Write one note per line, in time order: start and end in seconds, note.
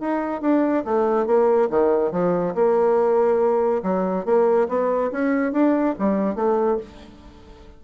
0.00 0.41 D#4
0.41 0.84 D4
0.85 1.26 A3
1.26 1.69 A#3
1.70 2.12 D#3
2.12 2.54 F3
2.55 3.82 A#3
3.83 4.25 F#3
4.25 4.68 A#3
4.68 5.11 B3
5.11 5.52 C#4
5.52 5.95 D4
5.99 6.35 G3
6.35 6.78 A3